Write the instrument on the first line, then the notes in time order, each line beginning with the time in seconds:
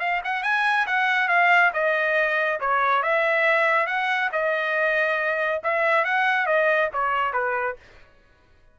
trumpet
0.00 F5
0.24 F#5
0.43 G#5
0.87 F#5
1.28 F5
1.73 D#5
2.60 C#5
3.03 E5
3.87 F#5
4.32 D#5
5.63 E5
6.05 F#5
6.46 D#5
6.93 C#5
7.33 B4